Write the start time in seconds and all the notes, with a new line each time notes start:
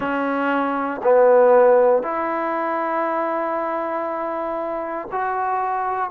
0.00 C#4
1.03 B3
2.02 E4
5.11 F#4